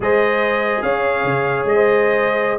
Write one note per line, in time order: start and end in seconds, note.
0.00 0.81 G#3
0.00 2.58 G#4
0.00 0.84 C5
0.00 0.82 D#5
0.82 1.24 C#4
0.82 1.75 C#5
0.82 1.65 F5
1.24 1.64 C#3
1.64 2.58 G#3
1.64 2.58 D#5
1.75 2.58 C5